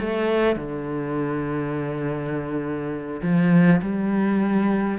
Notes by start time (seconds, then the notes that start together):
0.00 A3
0.56 D3
3.22 F3
3.82 G3